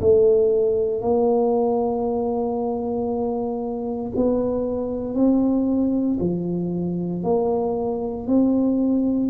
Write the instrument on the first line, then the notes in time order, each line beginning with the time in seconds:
tuba
0.00 A3
1.01 A#3
4.16 B3
5.14 C4
6.20 F3
7.23 A#3
8.27 C4